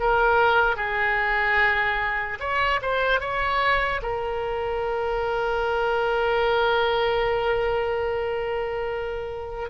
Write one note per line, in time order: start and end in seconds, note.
0.00 0.76 A#4
0.76 2.38 G#4
2.40 2.80 C#5
2.82 3.20 C5
3.20 4.01 C#5
4.02 9.70 A#4